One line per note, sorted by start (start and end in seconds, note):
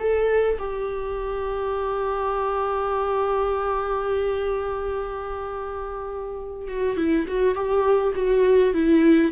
0.00 0.58 A4
0.59 6.68 G4
6.68 6.97 F#4
6.97 7.26 E4
7.28 7.55 F#4
7.55 8.13 G4
8.16 8.74 F#4
8.74 9.32 E4